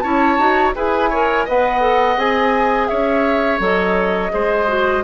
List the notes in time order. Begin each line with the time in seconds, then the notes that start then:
0.00 C#4 E4 C#5 A5
0.38 D#4 F#4
0.75 E4 G#4 B4 G#5
1.10 A#4 C#5
1.45 B3 B4 D#5 F#5
1.81 A4
2.17 C4 G#4 G#5
2.87 C#4 C#5 E5
3.60 F#3 A4 D#5
4.30 G#3 G#4 C5
4.68 F#4